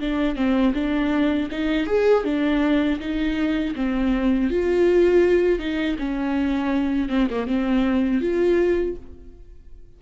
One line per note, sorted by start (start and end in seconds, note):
0.00 0.36 D4
0.36 0.73 C4
0.74 1.49 D4
1.51 1.87 D#4
1.87 2.25 G#4
2.25 3.00 D4
3.00 3.75 D#4
3.76 4.50 C4
4.50 5.59 F4
5.59 5.97 D#4
5.99 7.09 C#4
7.09 7.28 C4
7.31 7.47 A#3
7.47 8.21 C4
8.21 8.96 F4